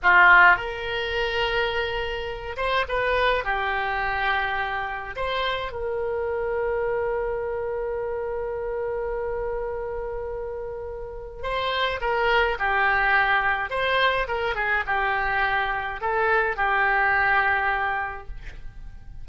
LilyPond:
\new Staff \with { instrumentName = "oboe" } { \time 4/4 \tempo 4 = 105 f'4 ais'2.~ | ais'8 c''8 b'4 g'2~ | g'4 c''4 ais'2~ | ais'1~ |
ais'1 | c''4 ais'4 g'2 | c''4 ais'8 gis'8 g'2 | a'4 g'2. | }